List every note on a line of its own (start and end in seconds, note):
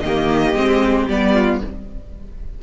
0.00 0.54 D#3
0.00 0.57 A#3
0.00 1.34 G4
0.00 1.06 D#5
0.54 1.07 G#3
0.54 1.10 C4
1.08 1.61 G3
1.08 1.63 B3
1.08 1.63 D5
1.34 1.61 F4